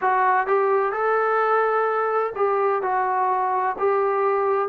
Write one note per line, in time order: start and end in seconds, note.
0.01 0.46 F#4
0.46 0.92 G4
0.92 2.33 A4
2.35 2.82 G4
2.82 3.76 F#4
3.78 4.68 G4